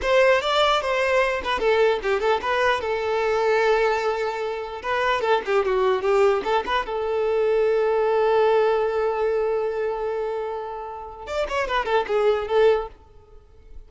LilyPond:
\new Staff \with { instrumentName = "violin" } { \time 4/4 \tempo 4 = 149 c''4 d''4 c''4. b'8 | a'4 g'8 a'8 b'4 a'4~ | a'1 | b'4 a'8 g'8 fis'4 g'4 |
a'8 b'8 a'2.~ | a'1~ | a'1 | d''8 cis''8 b'8 a'8 gis'4 a'4 | }